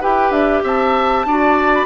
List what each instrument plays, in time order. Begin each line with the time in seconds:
0.00 bassoon E4, clarinet G4, oboe B4, flute G5
0.30 bassoon D4, flute E5
0.63 bassoon C4, oboe E5, flute A5
1.25 bassoon D4, clarinet F#4, oboe D5
1.74 flute B5